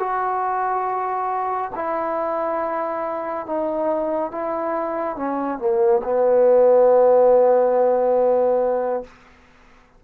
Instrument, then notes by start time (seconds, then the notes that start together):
trombone
0.00 F#4
1.75 E4
3.47 D#4
4.32 E4
5.17 C#4
5.59 A#3
6.04 B3